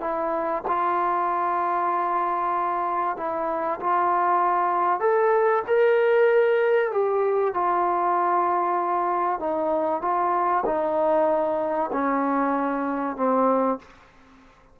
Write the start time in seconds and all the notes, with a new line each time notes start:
0.00 E4
0.67 F4
3.17 E4
3.80 F4
5.00 A4
5.67 A#4
6.91 G4
7.54 F4
9.39 D#4
10.01 F4
10.65 D#4
11.92 C#4
13.16 C4